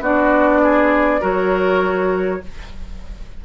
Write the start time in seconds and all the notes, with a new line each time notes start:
0.00 B3 D4 F#4 D5
0.62 G#4
1.21 F#3 F#4 A#4 C#5